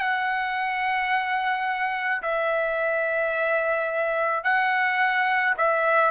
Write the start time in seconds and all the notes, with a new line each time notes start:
0.00 F#5
2.22 E5
4.44 F#5
5.58 E5